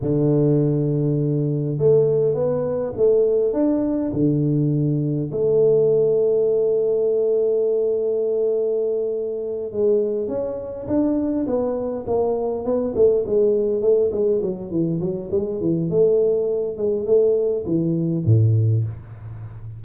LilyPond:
\new Staff \with { instrumentName = "tuba" } { \time 4/4 \tempo 4 = 102 d2. a4 | b4 a4 d'4 d4~ | d4 a2.~ | a1~ |
a8 gis4 cis'4 d'4 b8~ | b8 ais4 b8 a8 gis4 a8 | gis8 fis8 e8 fis8 gis8 e8 a4~ | a8 gis8 a4 e4 a,4 | }